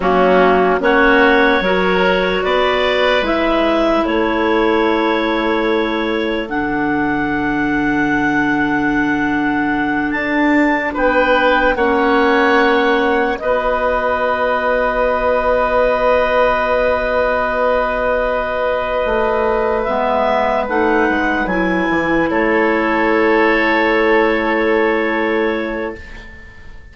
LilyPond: <<
  \new Staff \with { instrumentName = "clarinet" } { \time 4/4 \tempo 4 = 74 fis'4 cis''2 d''4 | e''4 cis''2. | fis''1~ | fis''8 a''4 g''4 fis''4.~ |
fis''8 dis''2.~ dis''8~ | dis''1~ | dis''8 e''4 fis''4 gis''4 cis''8~ | cis''1 | }
  \new Staff \with { instrumentName = "oboe" } { \time 4/4 cis'4 fis'4 ais'4 b'4~ | b'4 a'2.~ | a'1~ | a'4. b'4 cis''4.~ |
cis''8 b'2.~ b'8~ | b'1~ | b'2.~ b'8 a'8~ | a'1 | }
  \new Staff \with { instrumentName = "clarinet" } { \time 4/4 ais4 cis'4 fis'2 | e'1 | d'1~ | d'2~ d'8 cis'4.~ |
cis'8 fis'2.~ fis'8~ | fis'1~ | fis'8 b4 dis'4 e'4.~ | e'1 | }
  \new Staff \with { instrumentName = "bassoon" } { \time 4/4 fis4 ais4 fis4 b4 | gis4 a2. | d1~ | d8 d'4 b4 ais4.~ |
ais8 b2.~ b8~ | b2.~ b8 a8~ | a8 gis4 a8 gis8 fis8 e8 a8~ | a1 | }
>>